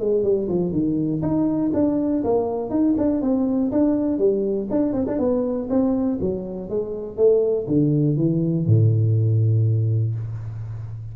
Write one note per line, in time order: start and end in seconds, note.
0.00 0.23 G#3
0.23 0.48 G3
0.48 0.72 F3
0.72 1.22 D#3
1.22 1.72 D#4
1.74 2.23 D4
2.24 2.70 A#3
2.70 2.95 D#4
2.98 3.22 D4
3.22 3.71 C4
3.72 4.19 D4
4.19 4.68 G3
4.71 4.93 D4
4.93 5.06 C4
5.08 5.19 D4
5.19 5.68 B3
5.70 6.19 C4
6.21 6.70 F#3
6.70 7.17 G#3
7.17 7.67 A3
7.67 8.17 D3
8.17 8.67 E3
8.67 10.15 A2